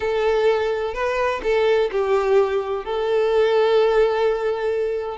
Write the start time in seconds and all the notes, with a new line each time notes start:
0.00 A4
0.93 B4
1.43 A4
1.91 G4
2.84 A4